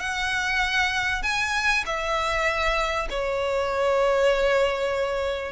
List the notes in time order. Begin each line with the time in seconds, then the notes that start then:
0.00 F#5
1.23 G#5
1.86 E5
3.10 C#5